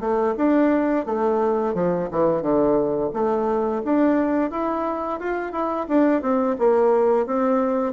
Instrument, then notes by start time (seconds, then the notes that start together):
bassoon
0.00 A3
0.37 D4
1.06 A3
1.74 F3
2.11 E3
2.41 D3
3.13 A3
3.84 D4
4.50 E4
5.19 F4
5.52 E4
5.88 D4
6.22 C4
6.58 A#3
7.26 C4